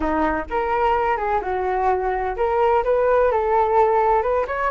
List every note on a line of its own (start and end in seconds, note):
0.00 0.45 D#4
0.50 1.16 A#4
1.16 1.40 G#4
1.41 2.36 F#4
2.36 2.83 A#4
2.84 3.31 B4
3.31 4.22 A4
4.22 4.46 B4
4.47 4.70 C#5